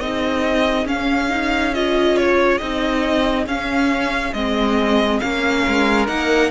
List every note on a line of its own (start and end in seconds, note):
0.00 0.86 C4
0.00 0.87 D#4
0.00 5.64 G#4
0.00 0.87 D#5
0.86 2.60 C#4
0.86 1.30 C#4
0.86 1.74 F5
1.30 1.73 D#4
1.74 2.61 F4
1.74 2.17 D#5
2.17 2.58 C#5
2.58 3.46 C4
2.58 3.47 D#4
2.58 3.45 D#5
3.46 4.33 C#4
3.46 4.36 C#4
3.46 4.34 F5
4.34 5.20 G#3
4.34 5.22 C4
4.34 5.19 D#5
5.19 5.66 A#3
5.19 6.07 C#4
5.19 6.06 F5
5.64 6.08 G#3
5.64 6.51 A#4
6.07 6.51 A#3
6.07 6.51 D#4
6.07 6.51 F#5